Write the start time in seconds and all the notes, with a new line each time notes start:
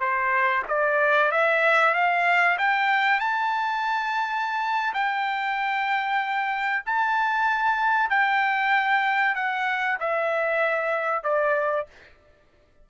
0.00 C5
0.69 D5
1.32 E5
1.95 F5
2.59 G5
3.20 A5
4.94 G5
6.86 A5
8.10 G5
9.35 F#5
10.00 E5
11.24 D5